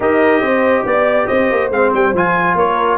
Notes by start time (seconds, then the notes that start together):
0.00 D#4 G4 A#4 D#5
0.41 C4 C5
0.85 B3 D5
1.27 C4 C5 D#5
1.51 A#3
1.69 G#3 C4 F5
1.93 G3 G5
2.13 F3 F4 G#5
2.55 A#3 A#4 C#5